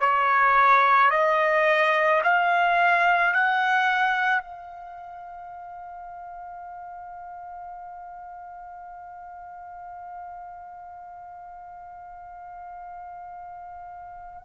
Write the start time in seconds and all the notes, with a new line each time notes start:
0.00 C#5
1.10 D#5
2.23 F5
3.33 F#5
4.41 F5